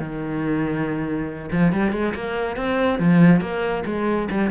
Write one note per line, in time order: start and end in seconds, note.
0.00 1.50 D#3
1.52 1.73 F3
1.73 1.92 G3
1.92 2.14 G#3
2.15 2.57 A#3
2.57 3.00 C4
3.00 3.41 F3
3.41 3.84 A#3
3.86 4.29 G#3
4.31 4.51 G3